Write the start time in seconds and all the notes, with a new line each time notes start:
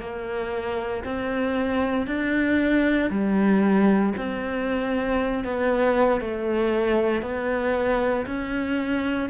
0.00 A#3
1.04 C4
2.07 D4
3.10 G3
4.17 C4
5.45 B3
6.21 A3
7.22 B3
8.26 C#4